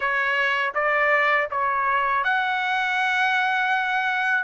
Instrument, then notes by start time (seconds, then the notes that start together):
trumpet
0.00 C#5
0.74 D5
1.50 C#5
2.24 F#5